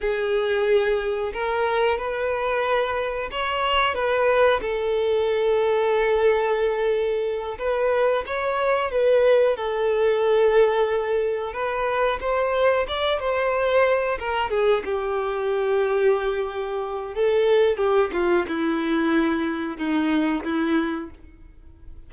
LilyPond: \new Staff \with { instrumentName = "violin" } { \time 4/4 \tempo 4 = 91 gis'2 ais'4 b'4~ | b'4 cis''4 b'4 a'4~ | a'2.~ a'8 b'8~ | b'8 cis''4 b'4 a'4.~ |
a'4. b'4 c''4 d''8 | c''4. ais'8 gis'8 g'4.~ | g'2 a'4 g'8 f'8 | e'2 dis'4 e'4 | }